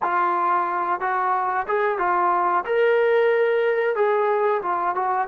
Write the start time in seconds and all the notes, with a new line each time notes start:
0.02 F4
1.00 F#4
1.67 G#4
1.98 F4
2.65 A#4
3.95 G#4
4.62 F4
4.95 F#4